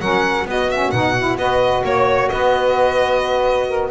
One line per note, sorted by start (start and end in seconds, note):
0.00 0.45 F#3
0.00 0.46 C#4
0.00 0.46 A#4
0.00 0.46 F#5
0.45 0.91 B3
0.45 0.69 B3
0.45 1.38 F#4
0.45 0.70 D#5
0.70 0.92 C#4
0.70 0.90 E5
0.90 1.37 B2
0.90 1.15 D#4
0.90 1.36 F#5
1.17 1.38 E4
1.37 1.82 B3
1.37 3.90 F#4
1.37 1.84 B4
1.37 1.84 D#5
1.84 2.29 A#3
1.84 2.30 C#5
1.84 2.29 C#5
2.29 3.90 B3
2.29 3.67 B4
2.29 3.89 D#5
3.67 3.90 A#4